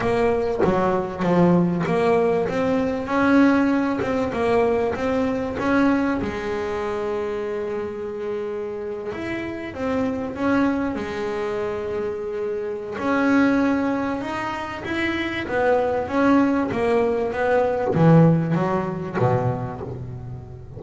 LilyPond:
\new Staff \with { instrumentName = "double bass" } { \time 4/4 \tempo 4 = 97 ais4 fis4 f4 ais4 | c'4 cis'4. c'8 ais4 | c'4 cis'4 gis2~ | gis2~ gis8. e'4 c'16~ |
c'8. cis'4 gis2~ gis16~ | gis4 cis'2 dis'4 | e'4 b4 cis'4 ais4 | b4 e4 fis4 b,4 | }